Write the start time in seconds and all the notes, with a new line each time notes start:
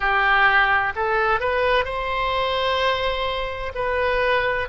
0.00 G4
0.95 A4
1.39 B4
1.85 C5
3.74 B4